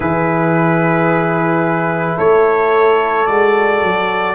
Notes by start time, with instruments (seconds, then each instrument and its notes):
0.00 tuba E3, trombone E4, horn G#4, trumpet B4
2.17 tuba A3, horn A4, trumpet C#5
3.25 tuba G#3, trombone F#4, trumpet D5
3.82 tuba F#3